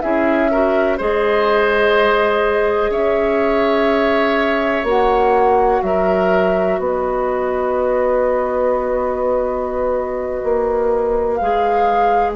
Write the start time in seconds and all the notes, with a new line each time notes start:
0.00 C#4 E4 G#4 E5
0.50 F#4 A#4
0.97 G#3 G#4 C5 D#5
2.89 C#4 C#5 E5
4.83 A#3 F#4 F#5
5.81 F#3 A#4 E5
6.78 B3 B4 D#5
10.43 A#3
11.34 F5
11.41 G#3 G#4